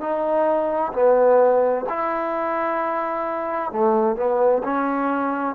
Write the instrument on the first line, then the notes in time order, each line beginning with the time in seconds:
trombone
0.00 D#4
0.93 B3
1.89 E4
3.72 A3
4.16 B3
4.63 C#4